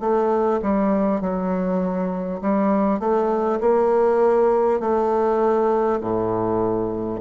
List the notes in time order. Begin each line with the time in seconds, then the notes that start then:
0.00 A3
0.62 G3
1.20 F#3
2.41 G3
2.99 A3
3.60 A#3
4.80 A3
6.00 A2